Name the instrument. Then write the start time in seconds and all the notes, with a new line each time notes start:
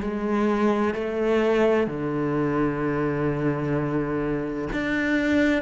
cello
0.00 G#3
0.94 A3
1.87 D3
4.73 D4